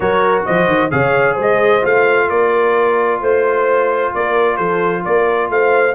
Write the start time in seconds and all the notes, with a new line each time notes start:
0.00 F#3 F#4 A#4 C#5
0.45 F3 C5 D#5
0.67 D#3
0.90 C#3 G#4 C#5 F5
1.34 G#3 C5
1.41 D#5
1.81 A3 F4 F5
2.29 A#3 A#4 D5
3.20 A3 C5
4.14 A#3 A#4 D5
4.55 F3 A4 C5
5.03 A#3 A#4 D5
5.49 A3 C5 F5